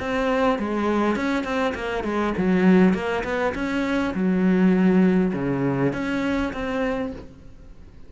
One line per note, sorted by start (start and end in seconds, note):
0.00 0.59 C4
0.59 1.16 G#3
1.16 1.44 C#4
1.44 1.74 C4
1.75 2.04 A#3
2.04 2.34 G#3
2.37 2.94 F#3
2.94 3.23 A#3
3.24 3.53 B3
3.55 4.14 C#4
4.14 5.33 F#3
5.34 5.93 C#3
5.93 6.53 C#4
6.53 7.12 C4